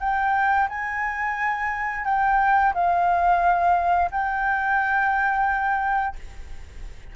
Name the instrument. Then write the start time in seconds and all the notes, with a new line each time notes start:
flute
0.00 G5
0.69 G#5
2.05 G5
2.74 F5
4.11 G5